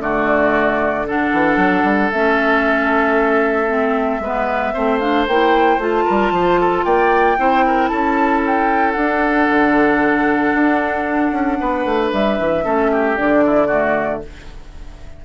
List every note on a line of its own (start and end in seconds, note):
0.00 1.32 D3
0.00 1.06 A3
0.00 1.07 F#4
0.00 1.07 D5
1.07 2.13 D4
1.07 4.23 A4
1.07 2.12 F#5
1.33 1.57 E3
1.57 1.83 F#3
1.84 2.11 G3
2.12 4.20 A3
2.12 3.68 C#4
2.12 5.00 E5
3.68 4.21 C4
4.20 4.73 G#3
4.20 4.74 B3
4.20 4.74 B4
4.74 5.28 A3
4.74 5.01 C4
4.74 6.05 C5
5.00 5.27 D4
5.00 5.26 F5
5.28 5.78 A#3
5.28 5.80 E4
5.28 5.81 G5
5.78 6.04 A3
5.78 7.38 F4
5.78 6.85 A5
6.05 6.32 G3
6.05 6.32 A#4
6.32 6.84 F3
6.32 6.61 C5
6.61 6.85 A4
6.85 7.38 A#3
6.85 7.38 D5
6.85 7.89 G5
7.38 7.91 C4
7.38 8.96 E4
7.38 7.66 C5
7.67 7.90 A#4
7.89 8.96 C#4
7.89 11.59 A4
7.89 8.41 A5
8.47 8.92 G5
8.92 9.49 D4
8.92 12.64 D4
8.92 12.08 F#5
9.50 10.55 D3
10.55 11.32 D4
11.32 11.58 C#4
11.61 11.85 B3
11.61 12.65 B4
11.85 12.12 A3
12.13 12.39 G3
12.13 13.17 E5
12.39 12.65 E3
12.64 13.18 A3
12.64 13.17 C#4
12.64 12.91 A4
12.92 13.45 G4
13.17 14.25 D3
13.17 13.69 D4
13.17 14.23 D5
13.46 13.67 E4
13.67 14.22 A3
13.67 14.20 F#4